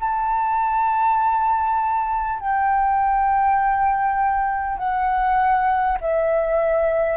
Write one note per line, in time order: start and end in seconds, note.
0.00 2.40 A5
2.40 4.78 G5
4.78 5.98 F#5
6.01 7.17 E5